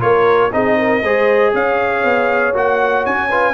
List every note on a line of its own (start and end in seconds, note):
0.00 0.52 A#3
0.00 0.50 F4
0.00 0.53 A#4
0.00 0.51 C#5
0.52 1.02 C4
0.52 1.03 D#4
0.52 0.78 G#4
0.52 1.54 D#5
0.78 1.03 A#4
1.02 1.53 G#3
1.02 2.54 G#4
1.02 1.53 C5
1.54 2.04 C#4
1.54 3.29 C#5
1.54 2.55 F5
2.04 2.54 B3
2.54 3.05 A#3
2.54 3.29 F#4
2.54 3.06 F#5
3.06 3.54 C#4
3.06 3.54 G#5
3.29 3.54 F4
3.29 3.54 B4